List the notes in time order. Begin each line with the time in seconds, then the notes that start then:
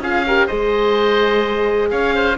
0.00 C#4 F4 G#4 F5
0.27 G4 A#4
0.47 G#3 G#4 C5 D#5
1.91 C#4 C#5 F5
2.15 C5